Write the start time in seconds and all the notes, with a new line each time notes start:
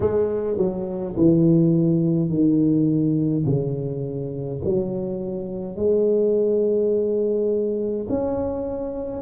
0.00 G#3
0.57 F#3
1.16 E3
2.29 D#3
3.45 C#3
4.64 F#3
5.76 G#3
8.09 C#4